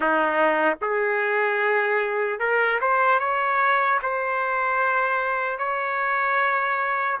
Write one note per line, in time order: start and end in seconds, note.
0.00 0.77 D#4
0.81 2.39 G#4
2.39 2.79 A#4
2.80 3.19 C5
3.19 3.99 C#5
4.02 5.58 C5
5.58 7.18 C#5